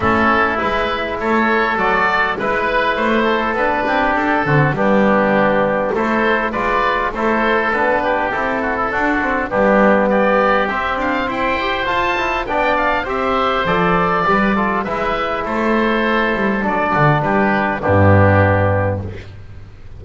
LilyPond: <<
  \new Staff \with { instrumentName = "oboe" } { \time 4/4 \tempo 4 = 101 a'4 b'4 cis''4 d''4 | b'4 c''4 b'4 a'4 | g'2 c''4 d''4 | c''4 b'4 a'2 |
g'4 d''4 e''8 f''8 g''4 | a''4 g''8 f''8 e''4 d''4~ | d''4 e''4 c''2 | d''4 b'4 g'2 | }
  \new Staff \with { instrumentName = "oboe" } { \time 4/4 e'2 a'2 | b'4. a'4 g'4 fis'8 | d'2 a'4 b'4 | a'4. g'4 fis'16 e'16 fis'4 |
d'4 g'2 c''4~ | c''4 d''4 c''2 | b'8 a'8 b'4 a'2~ | a'8 fis'8 g'4 d'2 | }
  \new Staff \with { instrumentName = "trombone" } { \time 4/4 cis'4 e'2 fis'4 | e'2 d'4. c'8 | b2 e'4 f'4 | e'4 d'4 e'4 d'8 c'8 |
b2 c'4. g'8 | f'8 e'8 d'4 g'4 a'4 | g'8 f'8 e'2. | d'2 b2 | }
  \new Staff \with { instrumentName = "double bass" } { \time 4/4 a4 gis4 a4 fis4 | gis4 a4 b8 c'8 d'8 d8 | g2 a4 gis4 | a4 b4 c'4 d'4 |
g2 c'8 d'8 e'4 | f'4 b4 c'4 f4 | g4 gis4 a4. g8 | fis8 d8 g4 g,2 | }
>>